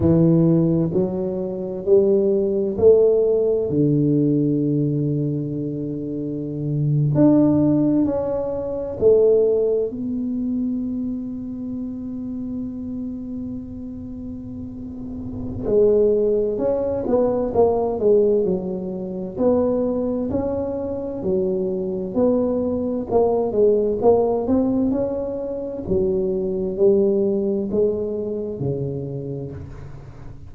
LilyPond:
\new Staff \with { instrumentName = "tuba" } { \time 4/4 \tempo 4 = 65 e4 fis4 g4 a4 | d2.~ d8. d'16~ | d'8. cis'4 a4 b4~ b16~ | b1~ |
b4 gis4 cis'8 b8 ais8 gis8 | fis4 b4 cis'4 fis4 | b4 ais8 gis8 ais8 c'8 cis'4 | fis4 g4 gis4 cis4 | }